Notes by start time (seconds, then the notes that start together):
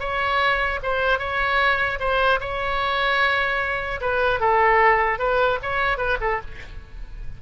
0.00 C#5
0.83 C5
1.19 C#5
2.00 C5
2.41 C#5
4.01 B4
4.40 A4
5.19 B4
5.63 C#5
5.98 B4
6.21 A4